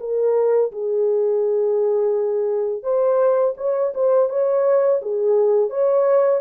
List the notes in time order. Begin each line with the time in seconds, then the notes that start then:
0.00 A#4
0.72 G#4
2.83 C5
3.57 C#5
3.94 C5
4.30 C#5
5.02 G#4
5.70 C#5